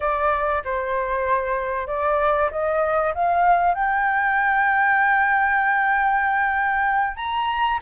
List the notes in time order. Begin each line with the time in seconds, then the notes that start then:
0.00 D5
0.64 C5
1.87 D5
2.51 D#5
3.14 F5
3.74 G5
7.16 A#5